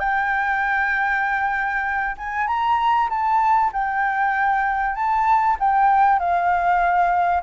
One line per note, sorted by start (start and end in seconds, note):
0.00 2.16 G5
2.18 2.47 G#5
2.47 3.09 A#5
3.10 3.72 A5
3.73 4.96 G5
4.96 5.58 A5
5.60 6.20 G5
6.20 7.43 F5